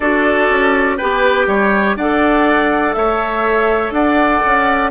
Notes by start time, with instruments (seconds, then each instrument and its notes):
0.00 bassoon D4, clarinet F#4, oboe A4, flute D5
0.49 bassoon C#4
0.96 bassoon B3, clarinet G4, oboe B4, flute G5
1.46 bassoon G3, oboe C#5
1.95 bassoon D4, clarinet A4, oboe D5, flute F#5
2.93 bassoon A3, oboe C#5, flute E5
3.91 bassoon D4, oboe D5, flute F#5
4.45 bassoon C#4